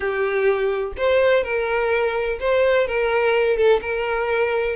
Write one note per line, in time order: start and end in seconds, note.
0.00 0.92 G4
0.97 1.43 C5
1.43 2.39 A#4
2.40 2.87 C5
2.87 3.56 A#4
3.56 3.80 A4
3.81 4.76 A#4